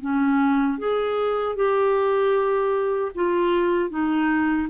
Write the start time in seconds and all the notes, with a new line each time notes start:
0.00 C#4
0.78 G#4
1.55 G4
3.15 F4
3.89 D#4